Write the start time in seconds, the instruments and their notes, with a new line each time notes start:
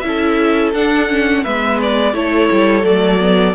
0.00 cello C#4, viola E4, violin E5
0.07 violin A4
0.74 cello D4, viola D4, violin F#5
1.09 viola C#4
1.43 cello G#3, viola B3, violin B4 E5
1.82 violin D5
2.14 cello A3, viola E4, violin A4 C#5
2.52 cello G3
2.83 cello F#3, viola A3, violin D5
3.20 viola B3